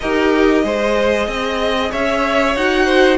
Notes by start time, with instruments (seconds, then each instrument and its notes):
0.00 cello D#4, viola G4, violin A#4 D#5
0.63 cello G#3, viola G#4, violin C5
1.27 cello C4, violin D#5
1.91 cello C#4, violin C#5 E5
2.55 cello D#4, viola F#4, violin F#5
2.85 violin C5